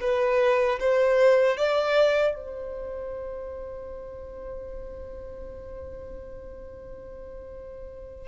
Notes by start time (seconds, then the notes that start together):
0.00 B4
0.79 C5
1.57 D5
2.35 C5